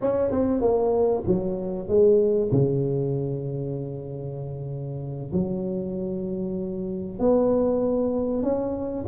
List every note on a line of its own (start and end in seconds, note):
0.01 0.30 C#4
0.30 0.61 C4
0.61 1.23 A#3
1.26 1.88 F#3
1.88 2.50 G#3
2.51 5.32 C#3
5.32 7.19 F#3
7.19 8.42 B3
8.42 9.05 C#4